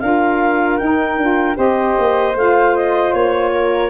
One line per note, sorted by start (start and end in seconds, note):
0.00 0.80 D4
0.00 0.79 F4
0.00 1.56 A#4
0.00 0.78 F5
0.78 1.18 D#4
0.78 1.20 D#4
0.78 1.56 G5
1.18 1.56 D4
1.18 1.55 F4
1.55 1.97 C4
1.55 2.33 G4
1.55 3.51 C5
1.55 2.36 D#5
1.99 2.35 A#3
2.35 3.13 A3
2.35 3.89 F4
2.35 2.76 F5
2.76 3.13 D#5
3.13 3.89 A#3
3.13 3.89 C#5
3.53 3.89 A#4